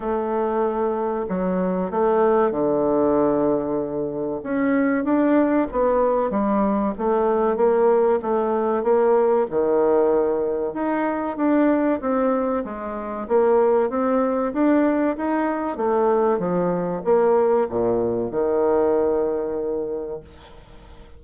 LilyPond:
\new Staff \with { instrumentName = "bassoon" } { \time 4/4 \tempo 4 = 95 a2 fis4 a4 | d2. cis'4 | d'4 b4 g4 a4 | ais4 a4 ais4 dis4~ |
dis4 dis'4 d'4 c'4 | gis4 ais4 c'4 d'4 | dis'4 a4 f4 ais4 | ais,4 dis2. | }